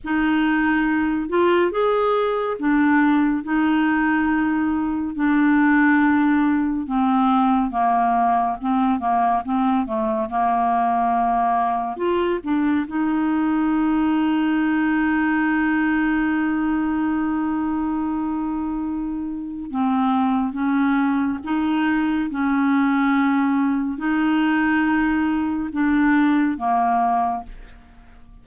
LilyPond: \new Staff \with { instrumentName = "clarinet" } { \time 4/4 \tempo 4 = 70 dis'4. f'8 gis'4 d'4 | dis'2 d'2 | c'4 ais4 c'8 ais8 c'8 a8 | ais2 f'8 d'8 dis'4~ |
dis'1~ | dis'2. c'4 | cis'4 dis'4 cis'2 | dis'2 d'4 ais4 | }